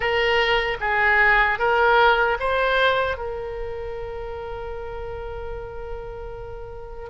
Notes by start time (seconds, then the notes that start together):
0.00 A#4
0.80 G#4
1.58 A#4
2.39 C5
3.17 A#4